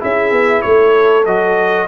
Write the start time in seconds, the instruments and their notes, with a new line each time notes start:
0.00 tuba C#4, trombone E4, horn G#4, trumpet E5
0.32 tuba B3
0.62 tuba A3, horn A4, trumpet C#5
1.26 tuba F#3, trombone F#4, trumpet D#5